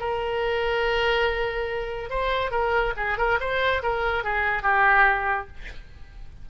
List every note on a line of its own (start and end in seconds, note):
0.00 2.10 A#4
2.10 2.51 C5
2.51 2.93 A#4
2.97 3.18 G#4
3.18 3.39 A#4
3.40 3.83 C5
3.83 4.24 A#4
4.24 4.63 G#4
4.63 5.47 G4